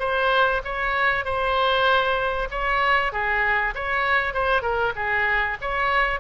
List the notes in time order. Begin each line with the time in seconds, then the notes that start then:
0.00 C5
0.65 C#5
1.25 C5
2.51 C#5
3.12 G#4
3.75 C#5
4.34 C5
4.62 A#4
4.96 G#4
5.61 C#5